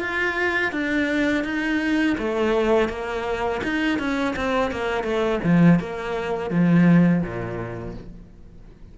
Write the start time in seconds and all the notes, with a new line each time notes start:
0.00 F4
0.72 D4
1.44 D#4
2.18 A3
2.88 A#3
3.63 D#4
3.99 C#4
4.36 C4
4.71 A#3
5.03 A3
5.43 F3
5.79 A#3
6.50 F3
7.22 A#2